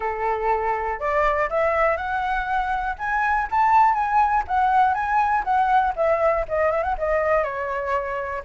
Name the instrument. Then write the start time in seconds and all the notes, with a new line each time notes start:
flute
0.00 A4
0.99 D5
1.49 E5
1.97 F#5
2.98 G#5
3.50 A5
3.94 G#5
4.47 F#5
4.94 G#5
5.44 F#5
5.96 E5
6.48 D#5
6.71 E5
6.83 F#5
6.97 D#5
7.43 C#5